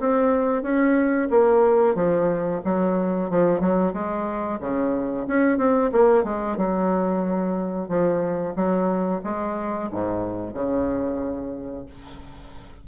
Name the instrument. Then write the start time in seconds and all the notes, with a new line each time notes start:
bassoon
0.00 C4
0.63 C#4
1.31 A#3
1.95 F3
2.65 F#3
3.31 F3
3.61 F#3
3.94 G#3
4.60 C#3
5.28 C#4
5.58 C4
5.93 A#3
6.24 G#3
6.57 F#3
7.89 F3
8.56 F#3
9.24 G#3
9.92 G#2
10.54 C#3